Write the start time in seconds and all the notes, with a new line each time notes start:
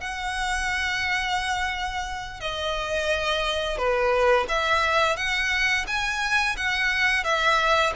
0.00 F#5
2.40 D#5
3.77 B4
4.48 E5
5.16 F#5
5.87 G#5
6.56 F#5
7.24 E5